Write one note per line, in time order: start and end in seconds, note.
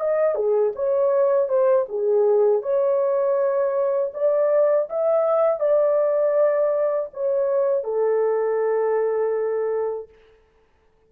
0.00 0.35 D#5
0.35 0.73 G#4
0.76 1.49 C#5
1.49 1.86 C5
1.89 2.62 G#4
2.62 4.12 C#5
4.14 4.89 D5
4.89 5.60 E5
5.60 7.10 D5
7.14 7.84 C#5
7.84 10.09 A4